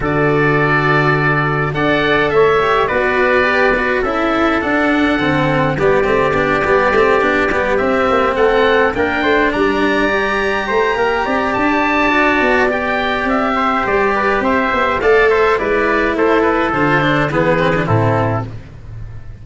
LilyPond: <<
  \new Staff \with { instrumentName = "oboe" } { \time 4/4 \tempo 4 = 104 d''2. fis''4 | e''4 d''2 e''4 | fis''2 d''2~ | d''4. e''4 fis''4 g''8~ |
g''8 ais''2.~ ais''8 | a''2 g''4 e''4 | d''4 e''4 f''8 e''8 d''4 | c''8 b'8 c''4 b'4 a'4 | }
  \new Staff \with { instrumentName = "trumpet" } { \time 4/4 a'2. d''4 | cis''4 b'2 a'4~ | a'2 g'2~ | g'2~ g'8 a'4 ais'8 |
c''8 d''2 c''8 ais'8 d''8~ | d''2.~ d''8 c''8~ | c''8 b'8 c''4 d''8 c''8 b'4 | a'2 gis'4 e'4 | }
  \new Staff \with { instrumentName = "cello" } { \time 4/4 fis'2. a'4~ | a'8 g'8 fis'4 g'8 fis'8 e'4 | d'4 c'4 b8 c'8 d'8 b8 | c'8 d'8 b8 c'2 d'8~ |
d'4. g'2~ g'8~ | g'4 fis'4 g'2~ | g'2 a'4 e'4~ | e'4 f'8 d'8 b8 c'16 d'16 c'4 | }
  \new Staff \with { instrumentName = "tuba" } { \time 4/4 d2. d'4 | a4 b2 cis'4 | d'4 d4 g8 a8 b8 g8 | a8 b8 g8 c'8 ais8 a4 ais8 |
a8 g2 a8 ais8 c'8 | d'4. b4. c'4 | g4 c'8 b8 a4 gis4 | a4 d4 e4 a,4 | }
>>